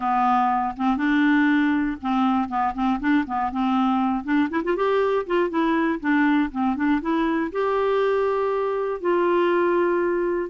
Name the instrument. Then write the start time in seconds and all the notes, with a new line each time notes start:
clarinet
0.00 B3
0.77 C4
0.97 D4
2.01 C4
2.48 B3
2.74 C4
3.00 D4
3.26 B3
3.51 C4
4.24 D4
4.50 E4
4.64 F4
4.76 G4
5.26 F4
5.49 E4
6.00 D4
6.51 C4
6.75 D4
7.01 E4
7.52 G4
9.00 F4